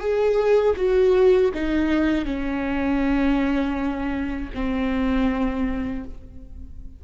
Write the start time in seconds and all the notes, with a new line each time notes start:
0.00 G#4
0.77 F#4
1.54 D#4
2.25 C#4
4.54 C4